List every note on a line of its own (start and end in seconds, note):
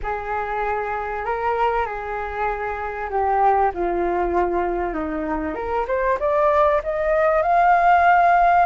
0.03 1.25 G#4
1.25 1.85 A#4
1.85 3.09 G#4
3.10 3.71 G4
3.73 4.93 F4
4.93 5.54 D#4
5.54 5.85 A#4
5.87 6.18 C5
6.19 6.81 D5
6.83 7.42 D#5
7.42 8.66 F5